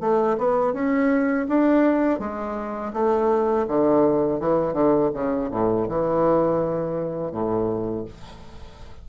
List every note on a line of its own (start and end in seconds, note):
0.00 0.37 A3
0.38 0.73 B3
0.73 1.46 C#4
1.48 2.19 D4
2.19 2.92 G#3
2.93 3.66 A3
3.67 4.40 D3
4.40 4.73 E3
4.73 5.10 D3
5.14 5.50 C#3
5.50 5.87 A2
5.88 7.31 E3
7.31 8.05 A2